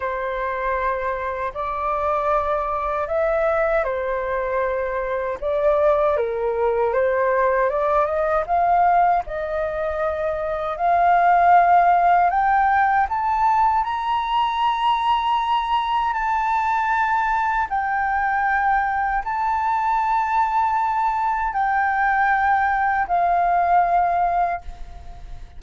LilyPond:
\new Staff \with { instrumentName = "flute" } { \time 4/4 \tempo 4 = 78 c''2 d''2 | e''4 c''2 d''4 | ais'4 c''4 d''8 dis''8 f''4 | dis''2 f''2 |
g''4 a''4 ais''2~ | ais''4 a''2 g''4~ | g''4 a''2. | g''2 f''2 | }